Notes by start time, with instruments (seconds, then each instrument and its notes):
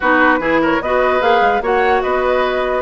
0.00 bassoon B3, clarinet D#4, oboe F#4, flute B4
0.39 bassoon E3, clarinet E4, oboe G#4
0.61 oboe A#4, flute C#5
0.80 bassoon B3, clarinet F#4, oboe B4, flute D#5
1.20 bassoon A#3, clarinet G#4, flute F5
1.40 bassoon G#3
1.61 bassoon A#3, clarinet F#4, oboe C#5, flute F#5
2.01 bassoon B3, oboe B4, flute D#5